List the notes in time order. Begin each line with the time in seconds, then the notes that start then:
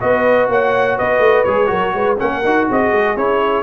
0.00 B3 F#4 B4 D#5
0.49 A#3 C#5 F#5
0.97 B3 B4 D#5
1.19 A3
1.44 G#3 G#4 C#5
1.67 F#3 F#4 A#4
1.94 G#3 B4
2.18 A#3 C#4 A#4 F#5
2.45 D#4 F#4
2.68 C4 G#4 D#5
2.92 G#3
3.16 C#4 E4 C#5